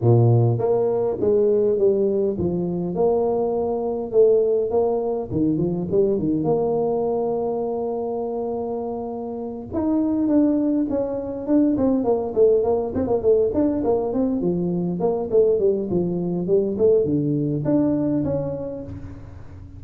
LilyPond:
\new Staff \with { instrumentName = "tuba" } { \time 4/4 \tempo 4 = 102 ais,4 ais4 gis4 g4 | f4 ais2 a4 | ais4 dis8 f8 g8 dis8 ais4~ | ais1~ |
ais8 dis'4 d'4 cis'4 d'8 | c'8 ais8 a8 ais8 c'16 ais16 a8 d'8 ais8 | c'8 f4 ais8 a8 g8 f4 | g8 a8 d4 d'4 cis'4 | }